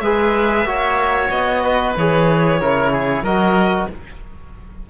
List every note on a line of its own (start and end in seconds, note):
0.00 0.65 G#3
0.00 0.67 G#4
0.00 0.68 B4
0.00 1.29 E5
0.65 1.30 A#3
0.65 1.96 F#4
0.65 1.64 C#5
1.30 1.95 B3
1.30 1.95 D#5
1.64 2.60 B4
1.97 2.62 E3
1.97 2.61 G#4
1.97 3.25 C#5
2.61 3.22 C#3
2.61 3.26 E4
2.61 2.92 A#4
2.92 3.24 G#4
3.22 3.87 F#3
3.22 3.91 F#4
3.22 3.88 A#4
3.22 3.89 D#5